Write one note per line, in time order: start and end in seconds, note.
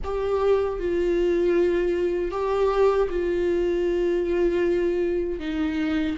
0.04 0.79 G4
0.79 2.31 F4
2.31 3.08 G4
3.09 5.39 F4
5.39 6.16 D#4